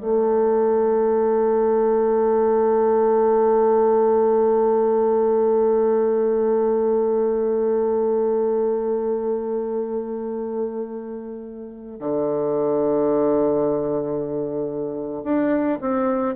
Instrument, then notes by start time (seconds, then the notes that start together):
bassoon
0.00 A3
12.00 D3
15.24 D4
15.81 C4